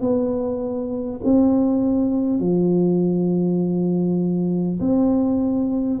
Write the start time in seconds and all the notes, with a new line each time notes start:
0.00 B3
1.23 C4
2.39 F3
4.80 C4